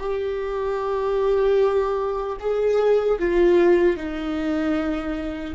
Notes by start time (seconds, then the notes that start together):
0.00 G4
2.40 G#4
3.19 F4
3.97 D#4